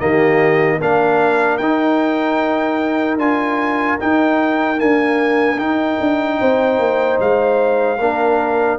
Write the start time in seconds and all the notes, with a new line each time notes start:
0.00 D#3 A#3 G4 D#5
0.78 A#3 D4 A#4 F5
1.58 D#4 G5
3.18 D4 F4 G#5
4.00 D#4 G5
4.77 A#3 D4 G#5
5.58 D#4 G5
6.00 D4
6.40 C4 C5
6.79 A#3
7.20 G#3 F5
7.98 A#3 D4 A#4